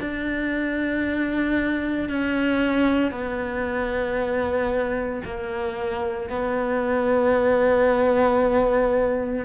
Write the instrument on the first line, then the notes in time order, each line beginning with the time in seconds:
cello
0.00 D4
2.09 C#4
3.11 B3
5.24 A#3
6.29 B3